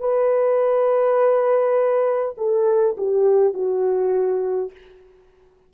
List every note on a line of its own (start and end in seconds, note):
0.00 2.35 B4
2.37 2.96 A4
2.97 3.54 G4
3.54 4.72 F#4